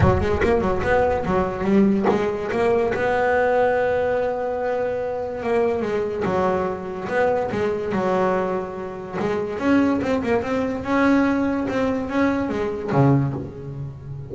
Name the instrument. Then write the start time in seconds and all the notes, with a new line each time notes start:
double bass
0.00 F#3
0.20 G#3
0.43 A#3
0.60 F#3
0.83 B3
1.25 F#3
1.63 G3
2.09 G#3
2.51 A#3
2.94 B3
5.43 A#3
5.81 G#3
6.24 F#3
7.08 B3
7.51 G#3
7.92 F#3
9.19 G#3
9.59 C#4
10.01 C4
10.23 A#3
10.42 C4
10.84 C#4
11.68 C4
12.09 C#4
12.49 G#3
12.91 C#3